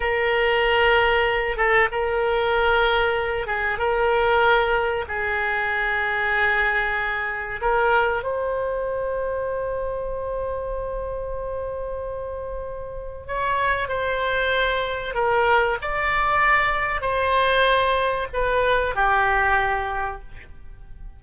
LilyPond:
\new Staff \with { instrumentName = "oboe" } { \time 4/4 \tempo 4 = 95 ais'2~ ais'8 a'8 ais'4~ | ais'4. gis'8 ais'2 | gis'1 | ais'4 c''2.~ |
c''1~ | c''4 cis''4 c''2 | ais'4 d''2 c''4~ | c''4 b'4 g'2 | }